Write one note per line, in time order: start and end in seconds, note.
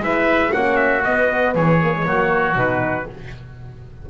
0.00 0.51 G#3
0.00 0.52 E4
0.00 0.53 B4
0.00 0.53 E5
0.52 1.06 A#3
0.52 1.03 C#4
0.52 1.55 F#4
0.52 0.77 F#5
0.77 1.03 E5
1.05 1.82 B3
1.05 1.55 B3
1.05 1.56 D#5
1.55 2.06 E3
1.55 2.06 G#4
1.55 2.59 C#5
1.82 1.94 A#3
1.95 2.06 G#3
2.06 2.56 F#3
2.06 2.55 A#3
2.06 3.10 F#4
2.55 3.07 B2
2.55 3.07 D#4
2.55 3.10 B4